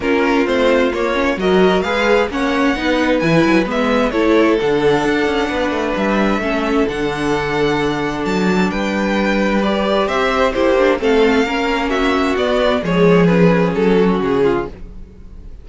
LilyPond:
<<
  \new Staff \with { instrumentName = "violin" } { \time 4/4 \tempo 4 = 131 ais'4 c''4 cis''4 dis''4 | f''4 fis''2 gis''4 | e''4 cis''4 fis''2~ | fis''4 e''2 fis''4~ |
fis''2 a''4 g''4~ | g''4 d''4 e''4 c''4 | f''2 e''4 d''4 | cis''4 b'4 a'4 gis'4 | }
  \new Staff \with { instrumentName = "violin" } { \time 4/4 f'2. ais'4 | b'4 cis''4 b'2~ | b'4 a'2. | b'2 a'2~ |
a'2. b'4~ | b'2 c''4 g'4 | a'4 ais'4 fis'2 | gis'2~ gis'8 fis'4 f'8 | }
  \new Staff \with { instrumentName = "viola" } { \time 4/4 cis'4 c'4 ais8 cis'8 fis'4 | gis'4 cis'4 dis'4 e'4 | b4 e'4 d'2~ | d'2 cis'4 d'4~ |
d'1~ | d'4 g'2 e'8 d'8 | c'4 cis'2 b4 | gis4 cis'2. | }
  \new Staff \with { instrumentName = "cello" } { \time 4/4 ais4 a4 ais4 fis4 | gis4 ais4 b4 e8 fis8 | gis4 a4 d4 d'8 cis'8 | b8 a8 g4 a4 d4~ |
d2 fis4 g4~ | g2 c'4 ais4 | a4 ais2 b4 | f2 fis4 cis4 | }
>>